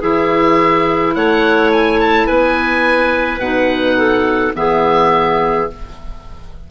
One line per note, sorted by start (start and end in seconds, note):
0.00 1.15 E3
0.00 3.40 E4
0.00 1.13 G#4
0.00 1.15 E5
1.15 2.28 A3
1.15 2.27 C#5
1.15 1.71 F#5
1.72 2.00 G#5
2.00 2.27 A5
2.27 3.38 B3
2.27 3.97 B4
2.27 3.40 G#5
3.38 4.51 B2
3.38 4.54 D#4
3.38 4.53 F#5
3.98 4.54 A4
4.54 5.69 E3
4.54 5.67 B3
4.54 5.71 G#4
4.54 5.69 E5